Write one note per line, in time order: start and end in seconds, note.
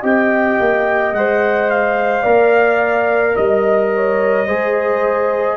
0.00 0.58 C4
0.00 1.14 G4
0.00 2.22 D#5
0.00 1.14 G5
0.60 1.12 A#3
1.12 2.24 G#3
1.12 2.24 C5
1.12 1.70 F#5
1.70 3.36 F5
2.22 3.36 A#3
2.22 4.47 A#4
2.22 3.34 D5
3.34 4.49 G3
3.34 3.90 D#5
3.34 5.57 D#5
3.95 4.47 C#5
4.47 5.57 G#3
4.47 5.57 G#4
4.47 5.57 C5